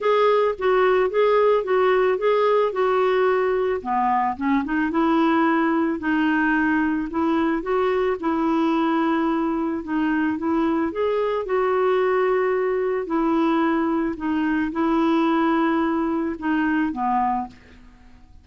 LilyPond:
\new Staff \with { instrumentName = "clarinet" } { \time 4/4 \tempo 4 = 110 gis'4 fis'4 gis'4 fis'4 | gis'4 fis'2 b4 | cis'8 dis'8 e'2 dis'4~ | dis'4 e'4 fis'4 e'4~ |
e'2 dis'4 e'4 | gis'4 fis'2. | e'2 dis'4 e'4~ | e'2 dis'4 b4 | }